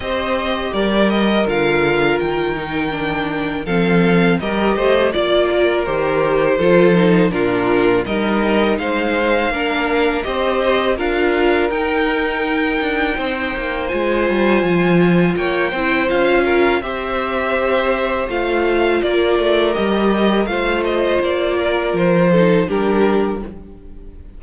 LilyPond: <<
  \new Staff \with { instrumentName = "violin" } { \time 4/4 \tempo 4 = 82 dis''4 d''8 dis''8 f''4 g''4~ | g''4 f''4 dis''4 d''4 | c''2 ais'4 dis''4 | f''2 dis''4 f''4 |
g''2. gis''4~ | gis''4 g''4 f''4 e''4~ | e''4 f''4 d''4 dis''4 | f''8 dis''8 d''4 c''4 ais'4 | }
  \new Staff \with { instrumentName = "violin" } { \time 4/4 c''4 ais'2.~ | ais'4 a'4 ais'8 c''8 d''8 ais'8~ | ais'4 a'4 f'4 ais'4 | c''4 ais'4 c''4 ais'4~ |
ais'2 c''2~ | c''4 cis''8 c''4 ais'8 c''4~ | c''2 ais'2 | c''4. ais'4 a'8 g'4 | }
  \new Staff \with { instrumentName = "viola" } { \time 4/4 g'2 f'4. dis'8 | d'4 c'4 g'4 f'4 | g'4 f'8 dis'8 d'4 dis'4~ | dis'4 d'4 g'4 f'4 |
dis'2. f'4~ | f'4. e'8 f'4 g'4~ | g'4 f'2 g'4 | f'2~ f'8 dis'8 d'4 | }
  \new Staff \with { instrumentName = "cello" } { \time 4/4 c'4 g4 d4 dis4~ | dis4 f4 g8 a8 ais4 | dis4 f4 ais,4 g4 | gis4 ais4 c'4 d'4 |
dis'4. d'8 c'8 ais8 gis8 g8 | f4 ais8 c'8 cis'4 c'4~ | c'4 a4 ais8 a8 g4 | a4 ais4 f4 g4 | }
>>